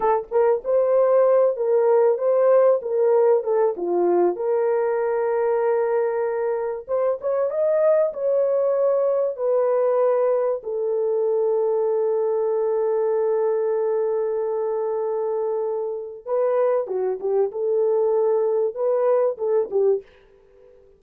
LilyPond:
\new Staff \with { instrumentName = "horn" } { \time 4/4 \tempo 4 = 96 a'8 ais'8 c''4. ais'4 c''8~ | c''8 ais'4 a'8 f'4 ais'4~ | ais'2. c''8 cis''8 | dis''4 cis''2 b'4~ |
b'4 a'2.~ | a'1~ | a'2 b'4 fis'8 g'8 | a'2 b'4 a'8 g'8 | }